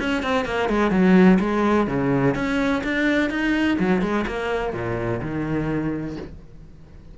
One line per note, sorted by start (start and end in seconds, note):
0.00 0.23 C#4
0.23 0.46 C4
0.46 0.69 A#3
0.70 0.91 G#3
0.91 1.39 F#3
1.40 1.88 G#3
1.88 2.35 C#3
2.35 2.83 C#4
2.84 3.31 D4
3.31 3.78 D#4
3.80 4.02 F#3
4.02 4.26 G#3
4.27 4.74 A#3
4.74 5.21 A#2
5.22 6.17 D#3